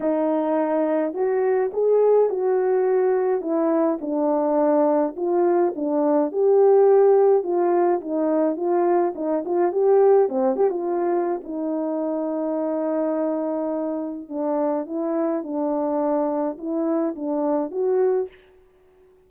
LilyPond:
\new Staff \with { instrumentName = "horn" } { \time 4/4 \tempo 4 = 105 dis'2 fis'4 gis'4 | fis'2 e'4 d'4~ | d'4 f'4 d'4 g'4~ | g'4 f'4 dis'4 f'4 |
dis'8 f'8 g'4 c'8 g'16 f'4~ f'16 | dis'1~ | dis'4 d'4 e'4 d'4~ | d'4 e'4 d'4 fis'4 | }